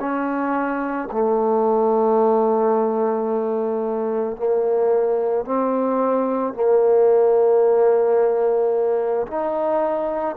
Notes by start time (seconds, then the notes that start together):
0.00 C#4
1.12 A3
4.37 A#3
5.45 C4
6.54 A#3
9.27 D#4